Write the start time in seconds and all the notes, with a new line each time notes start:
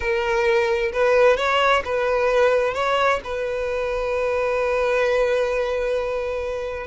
0.00 A#4
0.92 B4
1.36 C#5
1.84 B4
2.74 C#5
3.24 B4